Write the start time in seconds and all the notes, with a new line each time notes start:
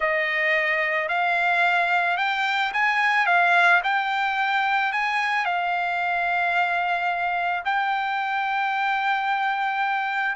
0.00 D#5
1.08 F5
2.17 G5
2.73 G#5
3.26 F5
3.83 G5
4.92 G#5
5.45 F5
7.64 G5